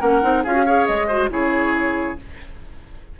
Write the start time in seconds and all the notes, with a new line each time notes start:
0.00 A#3 C#4 A#4 F#5
0.22 C4 D#4
0.43 C#4 F4 G#4 F5
0.54 F#4
0.66 G#4 C#5
0.86 G#3 D#5
1.07 F#4 C5
1.30 C#3 E4 G#4 C#5